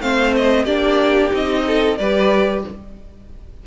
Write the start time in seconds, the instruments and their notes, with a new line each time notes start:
0.00 cello A3, viola C4, violin C5 F5
0.36 violin D#5
0.64 cello A#3, viola D4, violin G4 D5
1.30 cello C4, viola D#4, violin D#5
1.66 violin A4
1.97 cello G3, viola G4, violin B4 D5